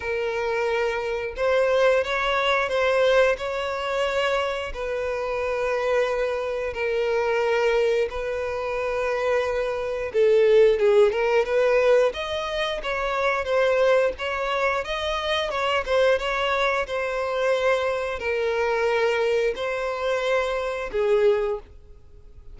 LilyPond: \new Staff \with { instrumentName = "violin" } { \time 4/4 \tempo 4 = 89 ais'2 c''4 cis''4 | c''4 cis''2 b'4~ | b'2 ais'2 | b'2. a'4 |
gis'8 ais'8 b'4 dis''4 cis''4 | c''4 cis''4 dis''4 cis''8 c''8 | cis''4 c''2 ais'4~ | ais'4 c''2 gis'4 | }